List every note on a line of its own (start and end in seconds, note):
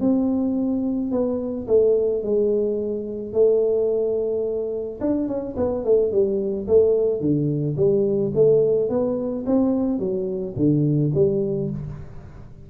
0.00 1.11 C4
1.11 1.67 B3
1.67 2.23 A3
2.23 3.33 G#3
3.33 4.99 A3
5.01 5.28 D4
5.28 5.55 C#4
5.57 5.84 B3
5.84 6.11 A3
6.11 6.67 G3
6.67 7.20 A3
7.20 7.76 D3
7.77 8.32 G3
8.34 8.89 A3
8.89 9.45 B3
9.46 9.99 C4
9.99 10.54 F#3
10.56 11.11 D3
11.14 11.70 G3